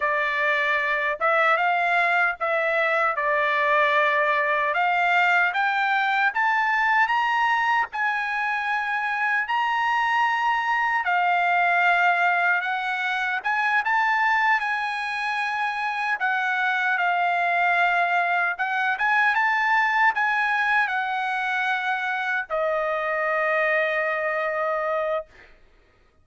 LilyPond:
\new Staff \with { instrumentName = "trumpet" } { \time 4/4 \tempo 4 = 76 d''4. e''8 f''4 e''4 | d''2 f''4 g''4 | a''4 ais''4 gis''2 | ais''2 f''2 |
fis''4 gis''8 a''4 gis''4.~ | gis''8 fis''4 f''2 fis''8 | gis''8 a''4 gis''4 fis''4.~ | fis''8 dis''2.~ dis''8 | }